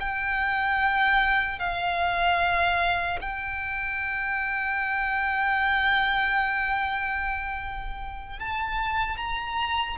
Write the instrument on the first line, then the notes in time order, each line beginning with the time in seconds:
violin
0.00 G5
1.59 F5
3.21 G5
8.40 A5
9.17 A#5